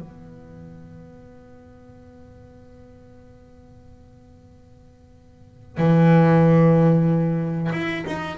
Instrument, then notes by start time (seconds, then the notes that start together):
double bass
0.00 B3
5.78 E3
7.72 E4
8.06 D#4